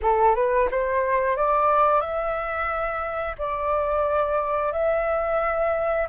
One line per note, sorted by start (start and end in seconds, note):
0.02 0.35 A4
0.35 0.68 B4
0.70 1.36 C5
1.36 2.00 D5
2.00 3.35 E5
3.38 4.72 D5
4.72 6.07 E5